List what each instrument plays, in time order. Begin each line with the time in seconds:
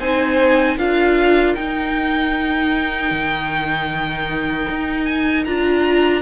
0.00 cello C4, viola D#4, violin C5 G#5
0.78 cello D4, viola F4, violin A#4 F5
1.55 viola D#4, cello D#4, violin G5
3.11 cello D#3
4.70 cello D#4
5.05 violin G#5
5.45 cello D4, viola F4, violin A#5